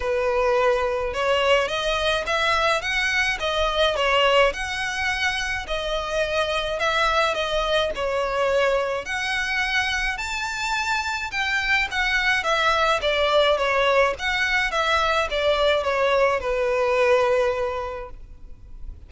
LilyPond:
\new Staff \with { instrumentName = "violin" } { \time 4/4 \tempo 4 = 106 b'2 cis''4 dis''4 | e''4 fis''4 dis''4 cis''4 | fis''2 dis''2 | e''4 dis''4 cis''2 |
fis''2 a''2 | g''4 fis''4 e''4 d''4 | cis''4 fis''4 e''4 d''4 | cis''4 b'2. | }